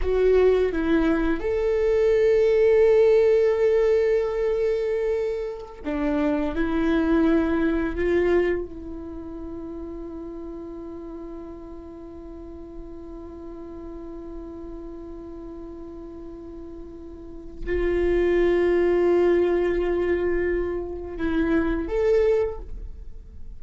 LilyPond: \new Staff \with { instrumentName = "viola" } { \time 4/4 \tempo 4 = 85 fis'4 e'4 a'2~ | a'1~ | a'16 d'4 e'2 f'8.~ | f'16 e'2.~ e'8.~ |
e'1~ | e'1~ | e'4 f'2.~ | f'2 e'4 a'4 | }